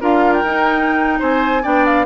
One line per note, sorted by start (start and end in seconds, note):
0.00 0.43 D4
0.00 0.44 F4
0.00 1.19 A#4
0.00 0.33 F5
0.33 1.20 G5
0.43 1.19 D#4
0.43 1.62 D#4
1.19 1.64 C4
1.19 1.62 C5
1.19 1.64 G#5
1.62 2.05 B3
1.62 2.05 D4
1.62 2.05 D5
1.62 1.85 G5
1.85 2.05 F5